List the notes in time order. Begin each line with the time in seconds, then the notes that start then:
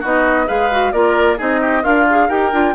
0.00 B3 D#4 F#4 D#5
0.46 G#3 G#4 B4 F5
0.71 F#4
0.92 A#3 F4 A#4 D5
1.37 C4 D#4 G#4 D#5
1.61 G4
1.82 D4 F4 A#4 F5
2.09 G#4
2.28 D#4 G4 A#4 G5
2.52 D4 F4